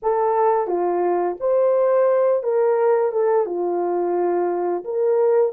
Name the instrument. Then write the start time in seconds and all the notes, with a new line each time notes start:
horn
0.02 A4
0.67 F4
1.39 C5
2.43 A#4
3.12 A4
3.45 F4
4.84 A#4